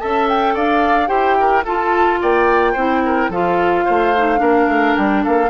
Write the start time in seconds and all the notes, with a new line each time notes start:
0.00 C#4 A4 E5 A5
0.29 G5
0.55 D4 D5 F5
1.08 E4 G4 C5 G5
1.41 A#4
1.65 F4 A4 A5
2.22 A#3 D5 G5
2.73 C4 E4 C5
3.06 A#4
3.30 F3 F4 A4 F5
3.85 A3 C5
4.17 D#4
4.37 A#3 D4 A#4
4.68 A3
4.97 G3 G5
5.24 A#3 A4 F5